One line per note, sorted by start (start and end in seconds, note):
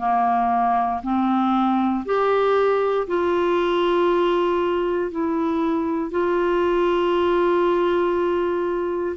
0.00 1.02 A#3
1.04 2.05 C4
2.06 3.07 G4
3.08 5.11 F4
5.11 6.12 E4
6.12 9.17 F4